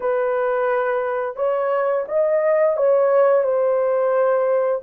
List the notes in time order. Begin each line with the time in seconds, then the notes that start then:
0.00 B4
1.36 C#5
2.08 D#5
2.76 C#5
3.43 C5